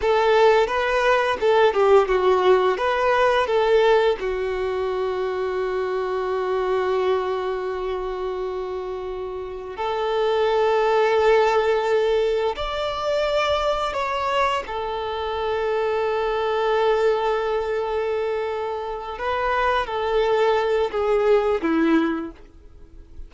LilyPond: \new Staff \with { instrumentName = "violin" } { \time 4/4 \tempo 4 = 86 a'4 b'4 a'8 g'8 fis'4 | b'4 a'4 fis'2~ | fis'1~ | fis'2 a'2~ |
a'2 d''2 | cis''4 a'2.~ | a'2.~ a'8 b'8~ | b'8 a'4. gis'4 e'4 | }